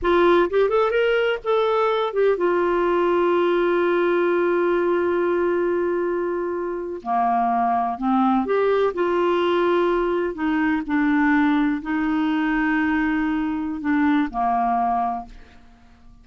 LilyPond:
\new Staff \with { instrumentName = "clarinet" } { \time 4/4 \tempo 4 = 126 f'4 g'8 a'8 ais'4 a'4~ | a'8 g'8 f'2.~ | f'1~ | f'2~ f'8. ais4~ ais16~ |
ais8. c'4 g'4 f'4~ f'16~ | f'4.~ f'16 dis'4 d'4~ d'16~ | d'8. dis'2.~ dis'16~ | dis'4 d'4 ais2 | }